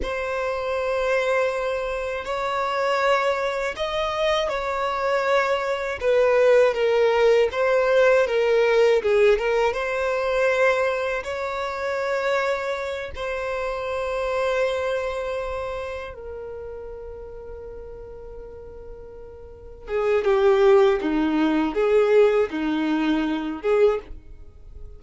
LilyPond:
\new Staff \with { instrumentName = "violin" } { \time 4/4 \tempo 4 = 80 c''2. cis''4~ | cis''4 dis''4 cis''2 | b'4 ais'4 c''4 ais'4 | gis'8 ais'8 c''2 cis''4~ |
cis''4. c''2~ c''8~ | c''4. ais'2~ ais'8~ | ais'2~ ais'8 gis'8 g'4 | dis'4 gis'4 dis'4. gis'8 | }